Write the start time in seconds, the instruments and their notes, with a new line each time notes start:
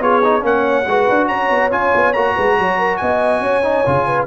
0.00 tuba B3, trombone F4, horn G#4, trumpet C#5
0.24 trombone D#4
0.41 tuba A#3, trombone C#4, horn C#5, trumpet F#5
0.87 tuba G#3, trombone F#4, horn B4
1.10 tuba D4
1.28 tuba C#4, horn C#5, trumpet A#5
1.50 tuba B3
1.72 tuba C#4, trombone F4, trumpet G#5
1.95 tuba B3
2.13 tuba A#3, trombone F#4, trumpet A#5
2.35 tuba G#3, horn B4
2.59 tuba F#3, horn C#5
2.78 horn A#4
2.97 tuba B3, horn D#5, trumpet G#5
3.40 tuba C#4, horn C#5
3.63 trombone D#4
3.86 tuba C#3, trombone F4
4.06 horn B4